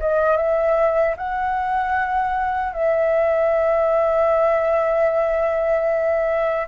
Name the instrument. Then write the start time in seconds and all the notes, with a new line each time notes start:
flute
0.00 D#5
0.37 E5
1.17 F#5
2.73 E5